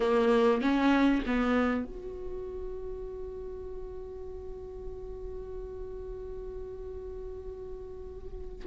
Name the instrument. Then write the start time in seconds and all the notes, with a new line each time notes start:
viola
0.00 A#3
0.61 C#4
1.26 B3
1.84 F#4